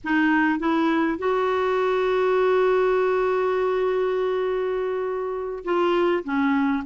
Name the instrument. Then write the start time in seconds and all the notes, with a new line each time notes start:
clarinet
0.04 D#4
0.59 E4
1.18 F#4
5.64 F4
6.24 C#4